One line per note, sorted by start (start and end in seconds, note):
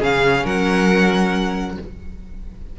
0.00 0.45 C#3
0.00 1.79 C#4
0.00 0.44 G#4
0.00 0.46 F5
0.44 1.78 F#3
0.44 1.77 A#4
0.44 1.80 F#5